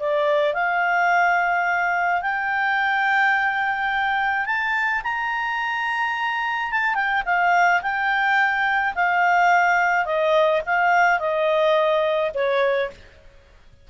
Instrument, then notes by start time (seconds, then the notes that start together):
clarinet
0.00 D5
0.54 F5
2.22 G5
4.46 A5
5.03 A#5
6.72 A5
6.95 G5
7.25 F5
7.82 G5
8.95 F5
10.06 D#5
10.66 F5
11.20 D#5
12.34 C#5